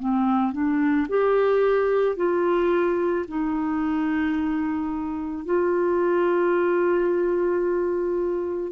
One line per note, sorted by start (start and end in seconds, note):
0.00 0.53 C4
0.53 1.07 D4
1.09 2.17 G4
2.17 3.26 F4
3.28 5.45 D#4
5.45 8.73 F4